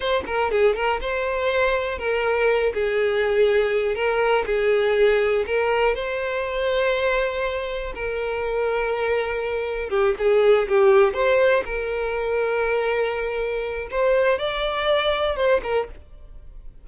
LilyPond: \new Staff \with { instrumentName = "violin" } { \time 4/4 \tempo 4 = 121 c''8 ais'8 gis'8 ais'8 c''2 | ais'4. gis'2~ gis'8 | ais'4 gis'2 ais'4 | c''1 |
ais'1 | g'8 gis'4 g'4 c''4 ais'8~ | ais'1 | c''4 d''2 c''8 ais'8 | }